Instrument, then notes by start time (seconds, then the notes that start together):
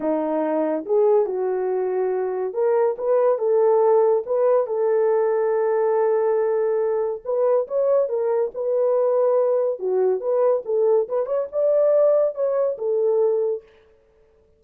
horn
0.00 D#4
0.85 G#4
1.26 F#4
2.53 A#4
2.98 B4
3.38 A4
4.26 B4
4.66 A4
7.24 B4
7.67 C#5
8.08 A#4
8.54 B4
9.79 F#4
10.20 B4
10.65 A4
11.08 B4
11.26 C#5
11.52 D5
12.34 C#5
12.78 A4